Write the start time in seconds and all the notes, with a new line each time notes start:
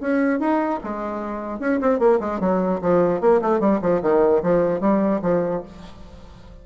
0.00 C#4
0.39 D#4
0.83 G#3
1.59 C#4
1.80 C4
1.99 A#3
2.19 G#3
2.40 F#3
2.81 F3
3.20 A#3
3.41 A3
3.60 G3
3.81 F3
4.02 D#3
4.43 F3
4.80 G3
5.22 F3